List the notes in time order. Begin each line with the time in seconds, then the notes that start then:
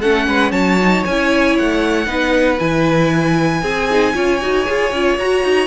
0.00 A3 C#4 A4 F#5
0.27 G#3 B4
0.51 F#3 C#5 A5
0.81 D#4
1.05 C#4 E4 G#5
1.58 A3 F#5
2.06 B3 D#4 B4
2.58 E3 E4 G#5
3.62 C4 G#4
3.90 D#4
4.14 C#4 F4 C#5
4.40 D#4 F#4
4.65 F4 G#4
4.92 C#4 F4
5.18 F#4 A#5
5.43 D#4